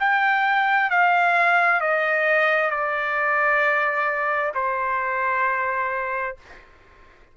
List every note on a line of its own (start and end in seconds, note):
0.00 0.90 G5
0.90 1.81 F5
1.81 2.71 D#5
2.71 4.52 D5
4.55 6.37 C5